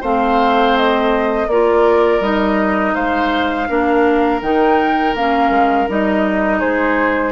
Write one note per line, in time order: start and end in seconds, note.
0.00 1.47 A3
0.00 1.48 C4
0.00 1.46 C5
0.00 0.77 F5
0.77 1.49 D#5
1.47 2.20 A#3
1.47 2.21 F4
1.47 2.94 A#4
1.47 2.22 D5
2.20 2.93 G3
2.20 3.68 D#4
2.20 2.94 D#5
2.94 3.68 G#3
2.94 3.68 C5
2.94 4.41 F5
3.68 4.41 A#3
3.68 4.41 D4
3.68 6.59 A#4
4.41 5.14 D#3
4.41 5.15 D#4
4.41 5.15 G5
5.14 5.49 A#3
5.14 5.88 C#4
5.14 5.88 F5
5.49 5.86 G#3
5.88 6.62 G3
5.88 7.32 D#4
5.88 6.59 D#5
6.59 7.32 G#3
6.59 7.32 G#4
6.59 7.32 C5